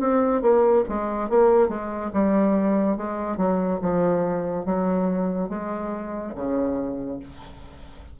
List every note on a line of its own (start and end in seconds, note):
0.00 0.42 C4
0.42 0.84 A#3
0.89 1.29 G#3
1.29 1.69 A#3
1.69 2.11 G#3
2.13 2.97 G3
2.97 3.37 G#3
3.37 3.80 F#3
3.82 4.66 F3
4.66 5.49 F#3
5.49 6.33 G#3
6.35 7.20 C#3